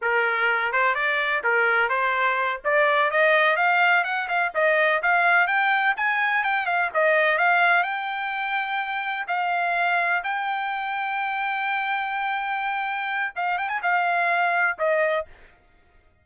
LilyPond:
\new Staff \with { instrumentName = "trumpet" } { \time 4/4 \tempo 4 = 126 ais'4. c''8 d''4 ais'4 | c''4. d''4 dis''4 f''8~ | f''8 fis''8 f''8 dis''4 f''4 g''8~ | g''8 gis''4 g''8 f''8 dis''4 f''8~ |
f''8 g''2. f''8~ | f''4. g''2~ g''8~ | g''1 | f''8 g''16 gis''16 f''2 dis''4 | }